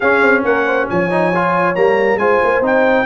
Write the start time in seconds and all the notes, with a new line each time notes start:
0.00 C#4 G#4 F5
0.22 C4
0.44 A#3 A#4 F#5
0.66 C5
0.89 F3 C#5 G#5
1.10 D#4
1.34 F4
1.75 G3 A#3 A#5
2.15 G#3 F4 C5 G#5
2.43 A#3
2.61 C4 D#4 G5